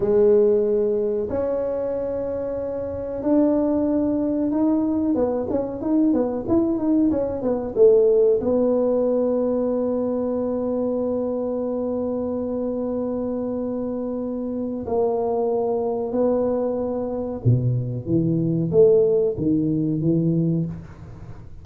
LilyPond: \new Staff \with { instrumentName = "tuba" } { \time 4/4 \tempo 4 = 93 gis2 cis'2~ | cis'4 d'2 dis'4 | b8 cis'8 dis'8 b8 e'8 dis'8 cis'8 b8 | a4 b2.~ |
b1~ | b2. ais4~ | ais4 b2 b,4 | e4 a4 dis4 e4 | }